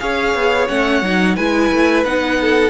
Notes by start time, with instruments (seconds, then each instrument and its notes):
0.00 cello C#4, viola G#4, violin C#5 F5
0.35 cello B3
0.68 cello A3, viola C#4, violin F#5
1.03 cello F#3, viola D#4
1.36 cello G#3, viola E4, violin B4 G#5
1.72 cello A3
2.05 cello B3, viola D#4, violin F#5
2.41 violin A4